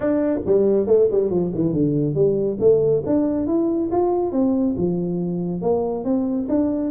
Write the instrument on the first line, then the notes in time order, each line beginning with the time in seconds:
tuba
0.00 D4
0.46 G3
0.86 A3
1.11 G3
1.30 F3
1.54 E3
1.72 D3
2.14 G3
2.59 A3
3.05 D4
3.46 E4
3.91 F4
4.31 C4
4.77 F3
5.61 A#3
6.04 C4
6.48 D4